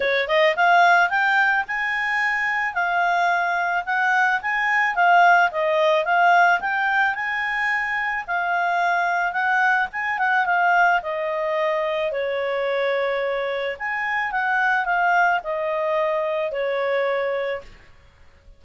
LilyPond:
\new Staff \with { instrumentName = "clarinet" } { \time 4/4 \tempo 4 = 109 cis''8 dis''8 f''4 g''4 gis''4~ | gis''4 f''2 fis''4 | gis''4 f''4 dis''4 f''4 | g''4 gis''2 f''4~ |
f''4 fis''4 gis''8 fis''8 f''4 | dis''2 cis''2~ | cis''4 gis''4 fis''4 f''4 | dis''2 cis''2 | }